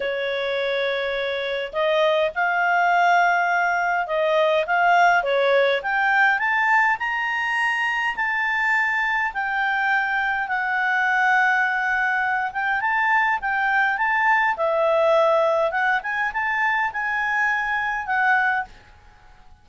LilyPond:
\new Staff \with { instrumentName = "clarinet" } { \time 4/4 \tempo 4 = 103 cis''2. dis''4 | f''2. dis''4 | f''4 cis''4 g''4 a''4 | ais''2 a''2 |
g''2 fis''2~ | fis''4. g''8 a''4 g''4 | a''4 e''2 fis''8 gis''8 | a''4 gis''2 fis''4 | }